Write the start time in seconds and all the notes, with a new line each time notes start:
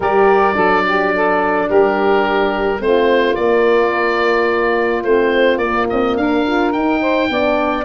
0.00 G3 G4 A#4 D5
0.53 F#3 D4 A4
0.86 G4
1.14 A4
1.67 G3 G4 A#4
2.79 A3 C4 F4 C5
3.35 A#3 D5
5.03 A3 C4 C5
5.57 A#3 D5
5.89 C4 D#5
6.16 D4 A#4 F5
6.46 F4
6.72 D#4 G5
7.00 C5
7.29 B3 D4 D5